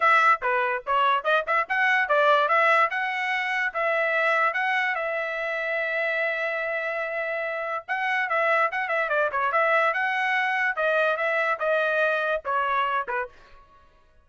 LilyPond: \new Staff \with { instrumentName = "trumpet" } { \time 4/4 \tempo 4 = 145 e''4 b'4 cis''4 dis''8 e''8 | fis''4 d''4 e''4 fis''4~ | fis''4 e''2 fis''4 | e''1~ |
e''2. fis''4 | e''4 fis''8 e''8 d''8 cis''8 e''4 | fis''2 dis''4 e''4 | dis''2 cis''4. b'8 | }